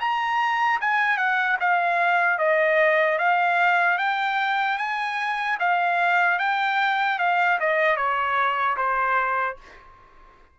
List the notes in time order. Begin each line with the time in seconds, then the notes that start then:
0.00 A#5
0.80 G#5
1.17 F#5
1.60 F5
2.38 D#5
3.18 F5
3.98 G5
4.78 G#5
5.59 F5
6.39 G5
7.19 F5
7.60 D#5
7.96 C#5
8.76 C5